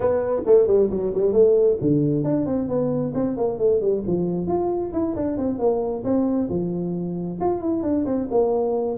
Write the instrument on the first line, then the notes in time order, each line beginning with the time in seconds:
tuba
0.00 B3
0.46 A3
0.67 G3
0.90 F#3
1.14 G3
1.32 A3
1.81 D3
2.24 D4
2.46 C4
2.68 B3
3.14 C4
3.36 A#3
3.58 A3
3.80 G3
4.06 F3
4.47 F4
4.92 E4
5.15 D4
5.37 C4
5.58 A#3
6.03 C4
6.49 F3
7.40 F4
7.61 E4
7.83 D4
8.05 C4
8.30 A#3